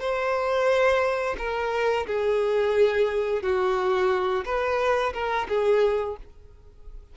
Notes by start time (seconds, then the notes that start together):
0.00 C5
1.38 A#4
2.07 G#4
3.43 F#4
4.45 B4
5.14 A#4
5.49 G#4